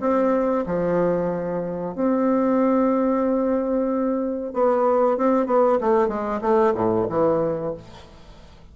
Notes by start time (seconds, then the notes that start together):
0.00 C4
0.66 F3
1.95 C4
4.53 B3
5.17 C4
5.46 B3
5.80 A3
6.08 G#3
6.41 A3
6.74 A2
7.09 E3